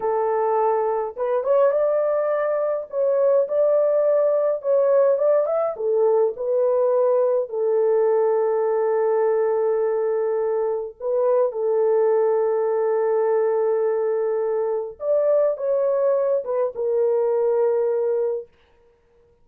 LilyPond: \new Staff \with { instrumentName = "horn" } { \time 4/4 \tempo 4 = 104 a'2 b'8 cis''8 d''4~ | d''4 cis''4 d''2 | cis''4 d''8 e''8 a'4 b'4~ | b'4 a'2.~ |
a'2. b'4 | a'1~ | a'2 d''4 cis''4~ | cis''8 b'8 ais'2. | }